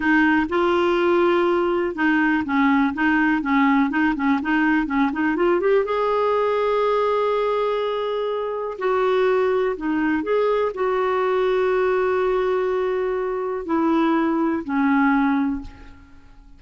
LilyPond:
\new Staff \with { instrumentName = "clarinet" } { \time 4/4 \tempo 4 = 123 dis'4 f'2. | dis'4 cis'4 dis'4 cis'4 | dis'8 cis'8 dis'4 cis'8 dis'8 f'8 g'8 | gis'1~ |
gis'2 fis'2 | dis'4 gis'4 fis'2~ | fis'1 | e'2 cis'2 | }